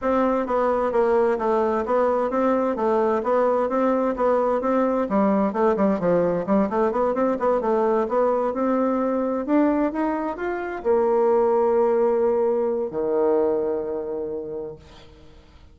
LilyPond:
\new Staff \with { instrumentName = "bassoon" } { \time 4/4 \tempo 4 = 130 c'4 b4 ais4 a4 | b4 c'4 a4 b4 | c'4 b4 c'4 g4 | a8 g8 f4 g8 a8 b8 c'8 |
b8 a4 b4 c'4.~ | c'8 d'4 dis'4 f'4 ais8~ | ais1 | dis1 | }